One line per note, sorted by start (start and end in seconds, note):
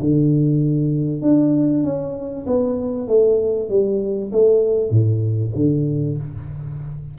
0.00 1.22 D3
1.22 1.84 D4
1.84 2.45 C#4
2.47 3.08 B3
3.08 3.69 A3
3.69 4.31 G3
4.32 4.91 A3
4.91 5.52 A2
5.55 6.17 D3